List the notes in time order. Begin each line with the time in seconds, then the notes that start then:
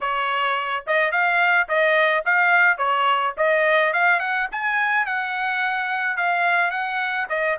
0.01 C#5
0.87 D#5
1.11 F5
1.68 D#5
2.25 F5
2.77 C#5
3.37 D#5
3.93 F5
4.19 F#5
4.51 G#5
5.06 F#5
6.17 F5
6.70 F#5
7.29 D#5